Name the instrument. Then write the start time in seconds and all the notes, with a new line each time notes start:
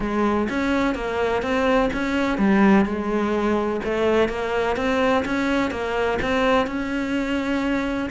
cello
0.00 G#3
0.49 C#4
0.95 A#3
1.42 C4
1.93 C#4
2.38 G3
2.85 G#3
3.84 A3
4.29 A#3
4.76 C4
5.25 C#4
5.70 A#3
6.21 C4
6.66 C#4